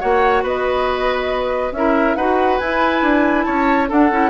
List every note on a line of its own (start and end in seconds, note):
0.00 0.43 A#3
0.00 1.73 F#4
0.00 0.43 C#5
0.00 0.43 F#5
0.43 1.72 B3
0.43 1.73 B4
0.43 1.73 D#5
1.72 2.15 C#4
1.72 2.18 E4
1.72 2.17 A#4
1.72 2.16 E5
2.16 2.59 D#4
2.16 2.62 F#4
2.16 3.46 B4
2.16 2.58 F#5
2.58 3.02 E4
2.58 3.90 E4
2.58 3.43 G#5
3.02 3.45 D4
3.43 3.91 C#4
3.43 3.89 C#5
3.43 3.86 A5
3.89 4.11 D4
3.89 4.30 A4
3.89 4.30 F#5
4.11 4.30 C#4
4.11 4.30 E4